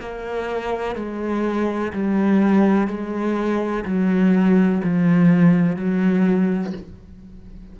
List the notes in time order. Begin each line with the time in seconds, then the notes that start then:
0.00 A#3
0.96 G#3
1.94 G3
2.88 G#3
3.85 F#3
4.84 F3
5.77 F#3